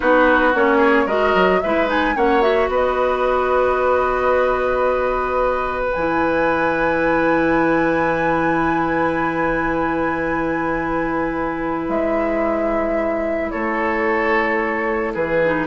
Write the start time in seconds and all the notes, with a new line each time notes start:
0.00 B3 D#4 F#4 B4
0.54 A#3 C#4 C#5
0.77 G#4
1.06 G#3 F#4 A#4 D#5
1.34 F#3
1.61 G#3 E4 B4 E5
1.86 D#4 G#5
2.15 A#3 C#4 C#5 F#5
2.41 F#4 E5
2.68 B3 B4
2.74 D#5
5.81 B4
5.93 E3 E4 G#5
11.88 G#3 E5
13.50 A3 A4 C#5
15.13 E3 G#4 B4
15.44 D#4